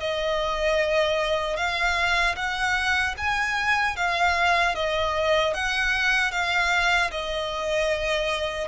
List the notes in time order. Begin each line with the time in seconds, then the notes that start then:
0.00 D#5
1.57 F5
2.36 F#5
3.18 G#5
3.97 F5
4.75 D#5
5.54 F#5
6.32 F5
7.11 D#5